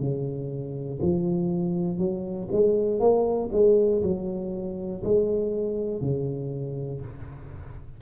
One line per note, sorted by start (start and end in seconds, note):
0.00 1.00 C#3
1.02 1.98 F3
1.98 2.48 F#3
2.51 3.00 G#3
3.00 3.50 A#3
3.52 4.02 G#3
4.02 5.02 F#3
5.04 6.01 G#3
6.01 7.01 C#3